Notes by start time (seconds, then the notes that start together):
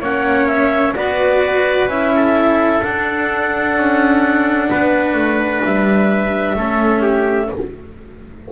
0.00 A#3 C#4 C#5 F#5
0.47 E5
0.95 B3 F#4 B4 D5
1.87 C#4 E4 E5
2.16 A4
2.82 D4 F#5
3.76 C#4
4.70 B3 B4
5.14 A3
5.65 G3 E5
6.56 A3 C#4 A4
7.02 G4